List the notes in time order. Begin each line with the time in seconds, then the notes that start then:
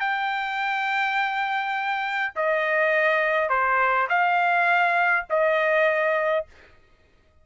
0.00 G5
2.35 D#5
3.49 C5
4.09 F5
5.30 D#5